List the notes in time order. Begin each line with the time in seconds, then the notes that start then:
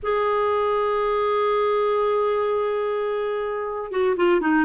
0.02 G#4
3.91 F#4
4.16 F4
4.40 D#4